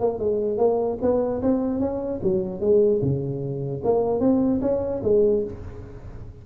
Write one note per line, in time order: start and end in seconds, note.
0.00 0.19 A#3
0.19 0.57 G#3
0.57 0.98 A#3
1.01 1.41 B3
1.42 1.79 C4
1.79 2.20 C#4
2.22 2.60 F#3
2.60 3.00 G#3
3.01 3.82 C#3
3.84 4.20 A#3
4.20 4.60 C4
4.61 5.01 C#4
5.03 5.43 G#3